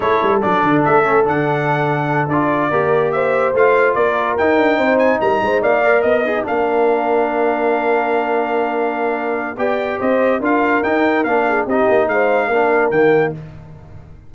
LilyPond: <<
  \new Staff \with { instrumentName = "trumpet" } { \time 4/4 \tempo 4 = 144 cis''4 d''4 e''4 fis''4~ | fis''4. d''2 e''8~ | e''8 f''4 d''4 g''4. | gis''8 ais''4 f''4 dis''4 f''8~ |
f''1~ | f''2. g''4 | dis''4 f''4 g''4 f''4 | dis''4 f''2 g''4 | }
  \new Staff \with { instrumentName = "horn" } { \time 4/4 a'1~ | a'2~ a'8 ais'4 c''8~ | c''4. ais'2 c''8~ | c''8 ais'8 c''8 d''4 dis''8 dis'8 ais'8~ |
ais'1~ | ais'2. d''4 | c''4 ais'2~ ais'8 gis'8 | g'4 c''4 ais'2 | }
  \new Staff \with { instrumentName = "trombone" } { \time 4/4 e'4 d'4. cis'8 d'4~ | d'4. f'4 g'4.~ | g'8 f'2 dis'4.~ | dis'2 ais'4 gis'8 d'8~ |
d'1~ | d'2. g'4~ | g'4 f'4 dis'4 d'4 | dis'2 d'4 ais4 | }
  \new Staff \with { instrumentName = "tuba" } { \time 4/4 a8 g8 fis8 d8 a4 d4~ | d4. d'4 ais4.~ | ais8 a4 ais4 dis'8 d'8 c'8~ | c'8 g8 gis8 ais4 b4 ais8~ |
ais1~ | ais2. b4 | c'4 d'4 dis'4 ais4 | c'8 ais8 gis4 ais4 dis4 | }
>>